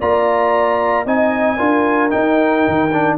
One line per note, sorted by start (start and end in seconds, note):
0.00 1.06 A#3
0.00 1.06 F4
0.00 1.06 D5
0.00 1.07 A#5
1.06 1.59 C4
1.06 1.58 D#4
1.06 1.57 D#5
1.06 2.10 G#5
1.57 2.13 D4
1.57 2.10 F4
1.57 3.16 A#4
2.10 2.89 D#4
2.10 2.67 D#4
2.10 3.16 G5
2.68 3.18 D#3
2.92 3.18 D4